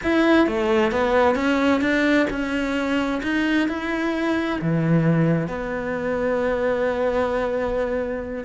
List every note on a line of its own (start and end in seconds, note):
0.03 0.47 E4
0.47 0.91 A3
0.91 1.35 B3
1.35 1.81 C#4
1.81 2.27 D4
2.30 3.21 C#4
3.22 3.68 D#4
3.68 4.60 E4
4.61 5.47 E3
5.47 8.44 B3